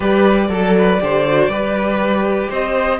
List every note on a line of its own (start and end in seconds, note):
0.00 0.48 G3
0.00 0.48 G4
0.00 0.48 B4
0.00 2.51 D5
0.48 0.98 F#3
0.48 0.99 A4
0.48 0.76 A4
0.77 1.02 B4
0.99 1.48 D3
0.99 1.24 G4
0.99 1.50 C5
1.27 1.49 F#4
1.48 2.48 G3
1.48 2.99 G4
1.48 2.49 B4
2.49 2.99 C4
2.49 2.99 C5
2.49 2.99 D#5